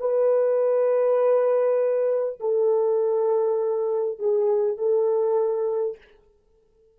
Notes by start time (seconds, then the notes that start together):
0.00 B4
2.41 A4
4.19 G#4
4.78 A4